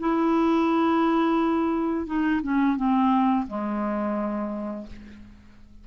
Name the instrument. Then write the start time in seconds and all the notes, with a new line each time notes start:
clarinet
0.00 E4
2.07 D#4
2.43 C#4
2.77 C4
3.48 G#3